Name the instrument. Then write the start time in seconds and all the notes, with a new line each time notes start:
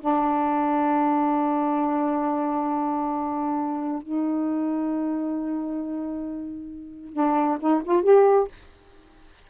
saxophone
0.00 D4
4.02 D#4
7.13 D4
7.60 D#4
7.84 F4
8.03 G4